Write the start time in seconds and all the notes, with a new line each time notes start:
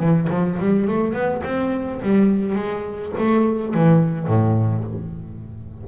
0.00 E3
0.30 F3
0.60 G3
0.88 A3
1.14 B3
1.44 C4
2.02 G3
2.56 G#3
3.19 A3
3.74 E3
4.28 A2